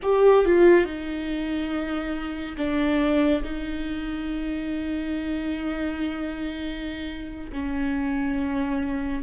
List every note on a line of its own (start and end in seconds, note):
0.02 0.45 G4
0.45 0.84 F4
0.84 2.56 D#4
2.57 3.42 D4
3.43 7.50 D#4
7.52 9.22 C#4